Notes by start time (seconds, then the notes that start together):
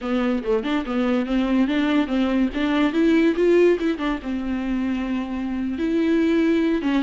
0.01 B3
0.43 A3
0.63 D4
0.85 B3
1.26 C4
1.67 D4
2.07 C4
2.54 D4
2.93 E4
3.35 F4
3.79 E4
3.98 D4
4.22 C4
5.78 E4
6.81 C#4